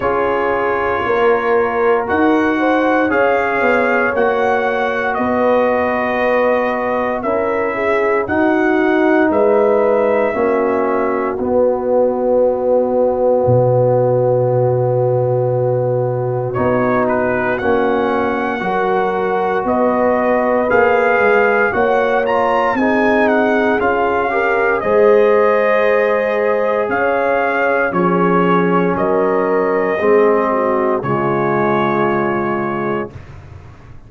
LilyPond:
<<
  \new Staff \with { instrumentName = "trumpet" } { \time 4/4 \tempo 4 = 58 cis''2 fis''4 f''4 | fis''4 dis''2 e''4 | fis''4 e''2 dis''4~ | dis''1 |
cis''8 b'8 fis''2 dis''4 | f''4 fis''8 ais''8 gis''8 fis''8 f''4 | dis''2 f''4 cis''4 | dis''2 cis''2 | }
  \new Staff \with { instrumentName = "horn" } { \time 4/4 gis'4 ais'4. c''8 cis''4~ | cis''4 b'2 ais'8 gis'8 | fis'4 b'4 fis'2~ | fis'1~ |
fis'2 ais'4 b'4~ | b'4 cis''4 gis'4. ais'8 | c''2 cis''4 gis'4 | ais'4 gis'8 fis'8 f'2 | }
  \new Staff \with { instrumentName = "trombone" } { \time 4/4 f'2 fis'4 gis'4 | fis'2. e'4 | dis'2 cis'4 b4~ | b1 |
dis'4 cis'4 fis'2 | gis'4 fis'8 f'8 dis'4 f'8 g'8 | gis'2. cis'4~ | cis'4 c'4 gis2 | }
  \new Staff \with { instrumentName = "tuba" } { \time 4/4 cis'4 ais4 dis'4 cis'8 b8 | ais4 b2 cis'4 | dis'4 gis4 ais4 b4~ | b4 b,2. |
b4 ais4 fis4 b4 | ais8 gis8 ais4 c'4 cis'4 | gis2 cis'4 f4 | fis4 gis4 cis2 | }
>>